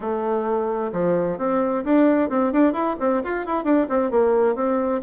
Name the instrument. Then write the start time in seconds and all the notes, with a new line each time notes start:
bassoon
0.00 A3
0.92 F3
1.38 C4
1.84 D4
2.29 C4
2.52 D4
2.73 E4
2.99 C4
3.23 F4
3.45 E4
3.63 D4
3.89 C4
4.10 A#3
4.55 C4